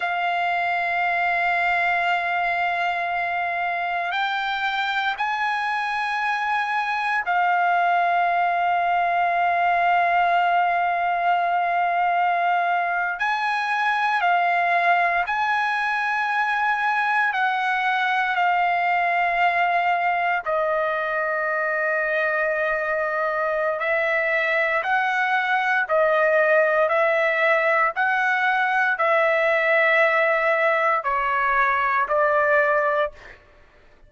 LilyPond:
\new Staff \with { instrumentName = "trumpet" } { \time 4/4 \tempo 4 = 58 f''1 | g''4 gis''2 f''4~ | f''1~ | f''8. gis''4 f''4 gis''4~ gis''16~ |
gis''8. fis''4 f''2 dis''16~ | dis''2. e''4 | fis''4 dis''4 e''4 fis''4 | e''2 cis''4 d''4 | }